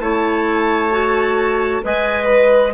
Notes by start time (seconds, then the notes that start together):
0.00 A3 E4 C#5 A5
0.91 F#4
1.83 G#3 B4 D#5 G#5
2.25 B4